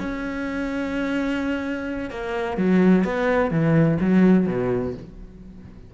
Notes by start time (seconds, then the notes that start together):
0.00 C#4
2.11 A#3
2.58 F#3
3.05 B3
3.51 E3
4.01 F#3
4.47 B2